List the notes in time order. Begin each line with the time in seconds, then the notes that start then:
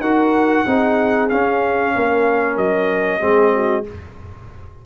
0.00 D#4 F#4 A#4 F#5
0.66 C4 D#4 G#4
1.29 C#4 F5
1.95 A#3 A#4
2.57 F#3 D#5
3.20 G#3 C4 G#4
3.53 F#4